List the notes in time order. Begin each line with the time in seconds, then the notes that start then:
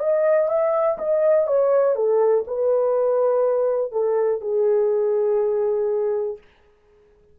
0.00 D#5
0.49 E5
0.98 D#5
1.48 C#5
1.96 A4
2.48 B4
3.92 A4
4.42 G#4